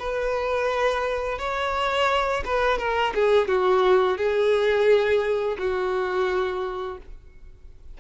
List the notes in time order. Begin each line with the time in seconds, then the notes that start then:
0.00 B4
1.39 C#5
2.45 B4
2.79 A#4
3.15 G#4
3.48 F#4
4.18 G#4
5.59 F#4